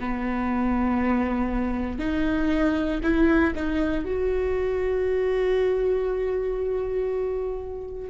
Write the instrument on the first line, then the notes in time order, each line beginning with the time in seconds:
viola
0.00 B3
1.99 D#4
3.04 E4
3.56 D#4
4.05 F#4